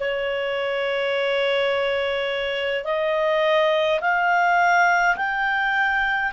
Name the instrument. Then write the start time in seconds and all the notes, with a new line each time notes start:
clarinet
0.00 C#5
2.85 D#5
4.01 F5
5.17 G5